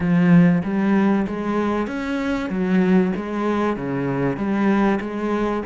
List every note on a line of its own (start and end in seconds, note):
0.00 0.62 F3
0.63 1.26 G3
1.27 1.87 G#3
1.87 2.49 C#4
2.49 3.12 F#3
3.16 3.76 G#3
3.76 4.36 C#3
4.36 4.99 G3
5.00 5.62 G#3